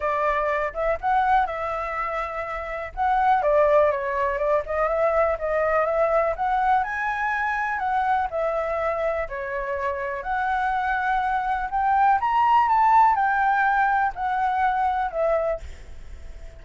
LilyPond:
\new Staff \with { instrumentName = "flute" } { \time 4/4 \tempo 4 = 123 d''4. e''8 fis''4 e''4~ | e''2 fis''4 d''4 | cis''4 d''8 dis''8 e''4 dis''4 | e''4 fis''4 gis''2 |
fis''4 e''2 cis''4~ | cis''4 fis''2. | g''4 ais''4 a''4 g''4~ | g''4 fis''2 e''4 | }